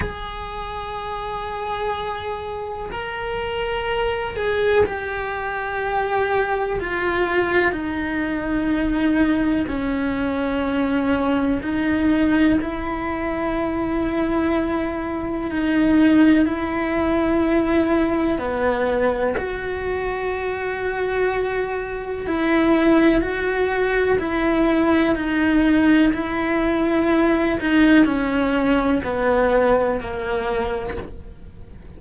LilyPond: \new Staff \with { instrumentName = "cello" } { \time 4/4 \tempo 4 = 62 gis'2. ais'4~ | ais'8 gis'8 g'2 f'4 | dis'2 cis'2 | dis'4 e'2. |
dis'4 e'2 b4 | fis'2. e'4 | fis'4 e'4 dis'4 e'4~ | e'8 dis'8 cis'4 b4 ais4 | }